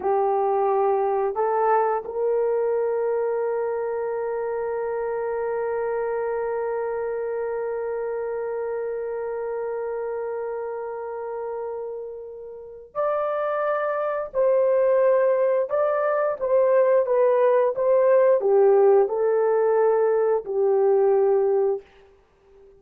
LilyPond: \new Staff \with { instrumentName = "horn" } { \time 4/4 \tempo 4 = 88 g'2 a'4 ais'4~ | ais'1~ | ais'1~ | ais'1~ |
ais'2. d''4~ | d''4 c''2 d''4 | c''4 b'4 c''4 g'4 | a'2 g'2 | }